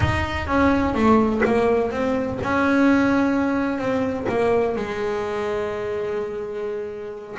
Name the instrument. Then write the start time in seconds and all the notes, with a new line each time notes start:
double bass
0.00 D#4
0.47 C#4
0.94 A3
1.45 A#3
1.91 C4
2.42 C#4
3.78 C4
4.28 A#3
4.76 G#3